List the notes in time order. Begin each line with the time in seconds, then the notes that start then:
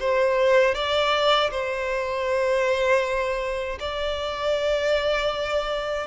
0.00 C5
0.75 D5
1.51 C5
3.80 D5